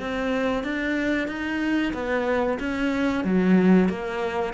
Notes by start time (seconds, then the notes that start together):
0.00 C4
0.64 D4
1.28 D#4
1.94 B3
2.59 C#4
3.25 F#3
3.89 A#3